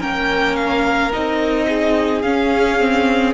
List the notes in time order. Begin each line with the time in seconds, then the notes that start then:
0.00 A#3 C#4 A#4 G5
0.56 F5
1.13 C4 D#4 D#5
1.68 G#4
2.22 C#4 F5
2.80 C4